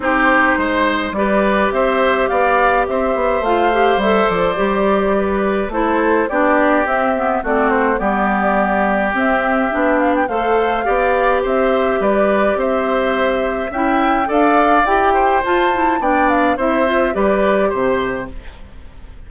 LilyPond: <<
  \new Staff \with { instrumentName = "flute" } { \time 4/4 \tempo 4 = 105 c''2 d''4 e''4 | f''4 e''4 f''4 e''8 d''8~ | d''2 c''4 d''4 | e''4 d''8 c''8 d''2 |
e''4. f''16 g''16 f''2 | e''4 d''4 e''2 | g''4 f''4 g''4 a''4 | g''8 f''8 e''4 d''4 c''4 | }
  \new Staff \with { instrumentName = "oboe" } { \time 4/4 g'4 c''4 b'4 c''4 | d''4 c''2.~ | c''4 b'4 a'4 g'4~ | g'4 fis'4 g'2~ |
g'2 c''4 d''4 | c''4 b'4 c''2 | e''4 d''4. c''4. | d''4 c''4 b'4 c''4 | }
  \new Staff \with { instrumentName = "clarinet" } { \time 4/4 dis'2 g'2~ | g'2 f'8 g'8 a'4 | g'2 e'4 d'4 | c'8 b8 c'4 b2 |
c'4 d'4 a'4 g'4~ | g'1 | e'4 a'4 g'4 f'8 e'8 | d'4 e'8 f'8 g'2 | }
  \new Staff \with { instrumentName = "bassoon" } { \time 4/4 c'4 gis4 g4 c'4 | b4 c'8 b8 a4 g8 f8 | g2 a4 b4 | c'4 a4 g2 |
c'4 b4 a4 b4 | c'4 g4 c'2 | cis'4 d'4 e'4 f'4 | b4 c'4 g4 c4 | }
>>